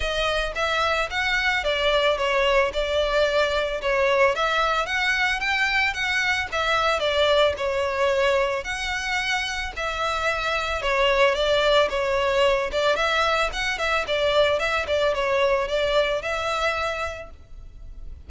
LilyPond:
\new Staff \with { instrumentName = "violin" } { \time 4/4 \tempo 4 = 111 dis''4 e''4 fis''4 d''4 | cis''4 d''2 cis''4 | e''4 fis''4 g''4 fis''4 | e''4 d''4 cis''2 |
fis''2 e''2 | cis''4 d''4 cis''4. d''8 | e''4 fis''8 e''8 d''4 e''8 d''8 | cis''4 d''4 e''2 | }